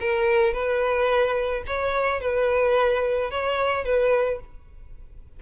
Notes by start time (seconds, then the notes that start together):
0.00 A#4
0.53 B4
1.66 C#5
2.20 B4
3.30 C#5
3.85 B4